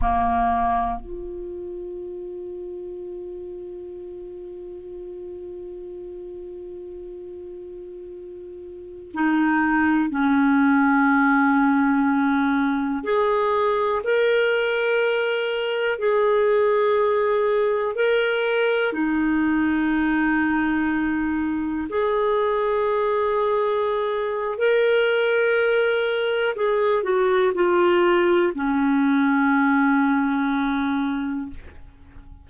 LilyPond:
\new Staff \with { instrumentName = "clarinet" } { \time 4/4 \tempo 4 = 61 ais4 f'2.~ | f'1~ | f'4~ f'16 dis'4 cis'4.~ cis'16~ | cis'4~ cis'16 gis'4 ais'4.~ ais'16~ |
ais'16 gis'2 ais'4 dis'8.~ | dis'2~ dis'16 gis'4.~ gis'16~ | gis'4 ais'2 gis'8 fis'8 | f'4 cis'2. | }